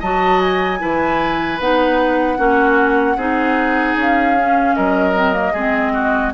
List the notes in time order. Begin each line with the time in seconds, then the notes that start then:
0.00 F#3 F#4 D#5 A5
0.41 G#5
0.80 E3 E4 B4
1.60 B3 D#4 F#5
2.38 A#3 C#4 F#4
3.17 C4 D#4 G#4
3.96 C#4 F5
4.38 C#4
4.75 F#3 A#4 D#5
5.15 C4
5.34 A#3
5.53 G#3 C4 G#4
5.94 F#4